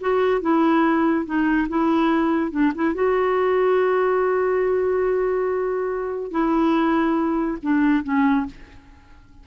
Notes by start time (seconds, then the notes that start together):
0.00 F#4
0.41 E4
1.25 D#4
1.68 E4
2.51 D4
2.74 E4
2.94 F#4
6.31 E4
7.62 D4
8.03 C#4